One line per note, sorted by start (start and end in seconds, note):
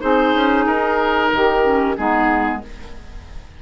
0.00 0.34 C4
0.00 1.61 D#4
0.00 1.31 G#4
0.00 0.65 C5
0.34 0.66 C#4
0.66 1.31 D#4
0.66 1.96 A#4
1.33 1.98 D#3
1.33 1.97 G4
1.63 1.96 C#4
1.97 2.62 G#3
1.97 2.62 B3
1.97 2.61 D#4
1.97 2.62 G#4